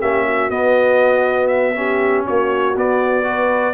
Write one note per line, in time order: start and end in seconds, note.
0.00 0.50 A#3
0.00 0.51 C#4
0.00 0.25 G4
0.00 0.50 E5
0.26 1.76 F#4
0.50 2.25 B3
0.50 1.75 B3
0.50 1.48 D#5
1.48 2.23 E5
1.75 2.75 C#4
1.75 2.26 G4
2.26 2.76 A#3
2.26 3.26 F#4
2.26 2.77 C#5
2.76 3.74 B3
2.76 3.24 B3
2.76 3.74 D5
3.24 3.74 F#4
3.30 3.74 B4